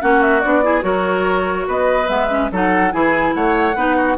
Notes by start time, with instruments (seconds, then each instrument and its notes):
0.00 bassoon A#3, clarinet C#4, oboe F#4, flute F#5
0.22 flute E5
0.40 bassoon B3, clarinet D4, flute D5
0.63 clarinet E4, oboe G#4
0.81 bassoon F#3, clarinet F#4, oboe A#4, flute C#5
1.67 bassoon B3, oboe B4, flute D#5
2.07 bassoon G#3, clarinet B3, flute E5
2.29 clarinet C#4
2.51 bassoon F#3, clarinet D#4, oboe A4, flute F#5
2.91 bassoon E3, clarinet E4, oboe G#4, flute G#5
3.34 bassoon A3, oboe C#5, flute F#5
3.75 bassoon B3, clarinet D#4, oboe B4
3.96 oboe F#4